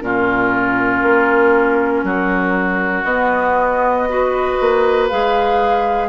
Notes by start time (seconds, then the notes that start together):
0.00 A#2 C#4 F4 A#4
1.03 A#3
2.04 F#3 F#4
3.04 B3 D#5
4.09 F#4 B4
4.61 A#3
5.09 G#3 G#4 F5